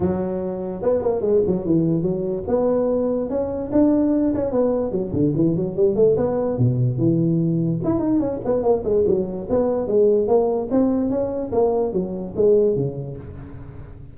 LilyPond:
\new Staff \with { instrumentName = "tuba" } { \time 4/4 \tempo 4 = 146 fis2 b8 ais8 gis8 fis8 | e4 fis4 b2 | cis'4 d'4. cis'8 b4 | fis8 d8 e8 fis8 g8 a8 b4 |
b,4 e2 e'8 dis'8 | cis'8 b8 ais8 gis8 fis4 b4 | gis4 ais4 c'4 cis'4 | ais4 fis4 gis4 cis4 | }